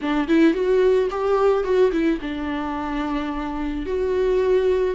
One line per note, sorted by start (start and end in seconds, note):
0.02 0.28 D4
0.28 0.53 E4
0.53 1.08 F#4
1.10 1.63 G4
1.63 1.91 F#4
1.91 2.19 E4
2.21 3.86 D4
3.86 4.95 F#4